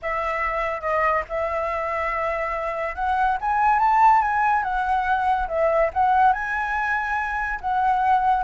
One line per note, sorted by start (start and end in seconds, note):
0.02 0.80 E5
0.80 1.23 D#5
1.28 2.95 E5
2.95 3.37 F#5
3.41 3.79 G#5
3.79 4.21 A5
4.21 4.63 G#5
4.63 5.47 F#5
5.48 5.90 E5
5.93 6.32 F#5
6.32 7.59 G#5
7.60 8.43 F#5